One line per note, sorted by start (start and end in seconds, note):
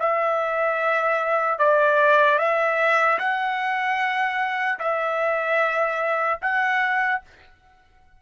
0.00 1.59 E5
1.59 2.39 D5
2.39 3.19 E5
3.19 4.79 F#5
4.80 6.40 E5
6.42 7.22 F#5